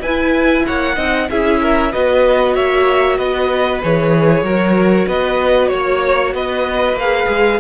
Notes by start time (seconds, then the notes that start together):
0.00 E4 B4 G#5
0.06 E4
0.66 A#3 C#5 F#5
0.96 C4 D#4 D#5
1.30 C#4 E4 G#4 E5
1.62 A#4
1.92 B3 F#4 B4 D#5
2.55 A#3 C#5 E5
3.17 B3 B4 D#5
3.83 E3 G#4 C#5
4.42 F#3 F#4 A#4
5.07 B3 B4 D#5
5.68 A#3 C#5
6.34 B3 B4 D#5
6.93 A#3 F5
7.00 G#4
7.29 G#3